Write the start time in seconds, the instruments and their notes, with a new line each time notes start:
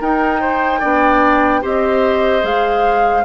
0.00 bassoon D#4, clarinet D#4, oboe A#4, flute G5
0.40 oboe C5
0.79 bassoon B3, clarinet D4, oboe D5
1.61 bassoon C4, clarinet G4, oboe C5, flute D#5
2.41 bassoon G#3, clarinet G#4, flute F5